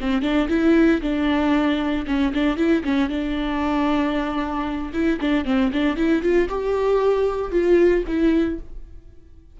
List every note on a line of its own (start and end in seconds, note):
0.00 0.22 C4
0.22 0.48 D4
0.49 1.01 E4
1.01 2.06 D4
2.07 2.33 C#4
2.34 2.57 D4
2.57 2.83 E4
2.84 3.09 C#4
3.09 4.92 D4
4.93 5.19 E4
5.21 5.45 D4
5.45 5.71 C4
5.72 5.96 D4
5.96 6.22 E4
6.22 6.48 F4
6.49 7.52 G4
7.52 8.04 F4
8.07 8.59 E4